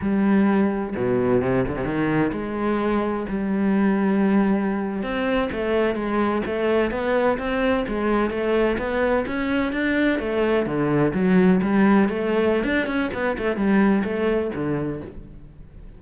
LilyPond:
\new Staff \with { instrumentName = "cello" } { \time 4/4 \tempo 4 = 128 g2 b,4 c8 d16 c16 | dis4 gis2 g4~ | g2~ g8. c'4 a16~ | a8. gis4 a4 b4 c'16~ |
c'8. gis4 a4 b4 cis'16~ | cis'8. d'4 a4 d4 fis16~ | fis8. g4 a4~ a16 d'8 cis'8 | b8 a8 g4 a4 d4 | }